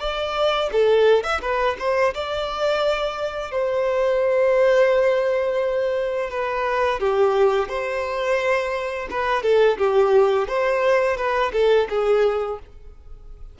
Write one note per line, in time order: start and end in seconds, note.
0.00 0.70 D5
0.72 1.23 A4
1.23 1.41 E5
1.42 1.77 B4
1.79 2.14 C5
2.14 3.51 D5
3.51 6.30 C5
6.30 7.00 B4
7.00 7.69 G4
7.69 9.08 C5
9.10 9.42 B4
9.42 9.77 A4
9.78 10.48 G4
10.48 11.17 C5
11.17 11.52 B4
11.53 11.88 A4
11.89 12.59 G#4